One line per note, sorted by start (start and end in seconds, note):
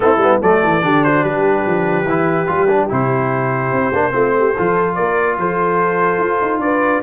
0.00 0.16 A3
0.00 0.16 C4
0.00 0.40 E4
0.00 0.40 A4
0.16 0.37 G3
0.22 0.41 B3
0.40 0.62 F#3
0.40 0.81 A3
0.40 0.82 A4
0.40 1.03 D5
0.63 0.83 E3
0.81 1.23 D3
0.81 2.05 D4
0.81 1.05 G4
1.03 1.22 F#4
1.03 1.23 C5
1.22 1.65 G3
1.22 4.11 G4
1.22 2.89 B4
1.66 2.05 F3
2.05 2.46 E3
2.05 2.46 E4
2.46 2.90 G3
2.46 2.67 F4
2.68 2.89 D4
2.89 3.71 C3
2.89 3.92 E4
2.89 4.94 C5
3.71 3.92 C4
3.92 4.13 A#3
3.92 4.11 D4
4.11 4.55 A3
4.11 4.52 C4
4.11 4.33 F4
4.38 4.56 G4
4.56 4.98 F3
4.56 7.03 F4
4.56 4.96 A4
4.94 5.37 A#3
4.94 5.37 A#4
4.94 5.36 D5
5.37 6.18 F3
5.37 6.62 A4
5.37 6.60 C5
6.18 6.39 F4
6.41 6.58 D#4
6.58 7.00 D4
6.58 7.03 B4
6.58 7.01 D5